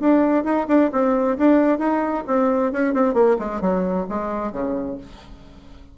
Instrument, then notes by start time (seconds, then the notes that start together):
bassoon
0.00 D4
0.44 D#4
0.68 D4
0.92 C4
1.38 D4
1.78 D#4
2.27 C4
2.72 C#4
2.94 C4
3.14 A#3
3.39 G#3
3.61 F#3
4.09 G#3
4.52 C#3